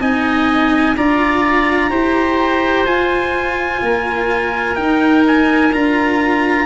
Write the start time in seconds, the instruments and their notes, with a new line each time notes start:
0.00 tuba C4, cello D#4, oboe D#5, trumpet G#5
0.97 tuba D4, cello F4, oboe D5, trumpet A#5
1.90 tuba E4, cello G4, oboe C5
2.86 tuba F4, cello F4, trumpet G#5
3.82 tuba A#3, oboe A#4
4.76 cello D#4, tuba D#4, trumpet G5
5.27 trumpet G#5
5.73 tuba D4, cello F4, trumpet A#5